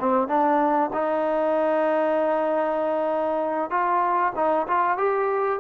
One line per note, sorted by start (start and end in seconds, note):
0.00 0.28 C4
0.28 0.91 D4
0.93 3.71 D#4
3.71 4.33 F4
4.36 4.67 D#4
4.68 4.98 F4
4.98 5.60 G4